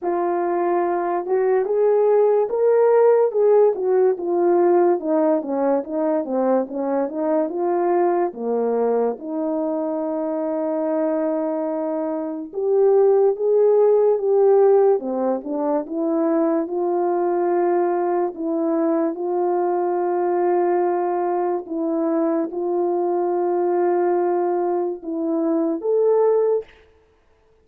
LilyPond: \new Staff \with { instrumentName = "horn" } { \time 4/4 \tempo 4 = 72 f'4. fis'8 gis'4 ais'4 | gis'8 fis'8 f'4 dis'8 cis'8 dis'8 c'8 | cis'8 dis'8 f'4 ais4 dis'4~ | dis'2. g'4 |
gis'4 g'4 c'8 d'8 e'4 | f'2 e'4 f'4~ | f'2 e'4 f'4~ | f'2 e'4 a'4 | }